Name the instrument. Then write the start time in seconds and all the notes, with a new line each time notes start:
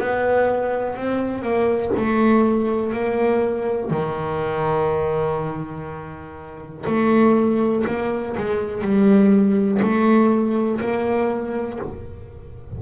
double bass
0.00 B3
0.97 C4
1.43 A#3
1.97 A3
2.93 A#3
3.90 D#3
6.87 A3
7.87 A#3
8.38 G#3
8.82 G3
9.82 A3
10.81 A#3